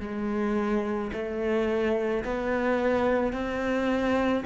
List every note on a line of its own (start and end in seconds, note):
0.00 1.11 G#3
1.13 2.24 A3
2.24 3.33 B3
3.33 4.44 C4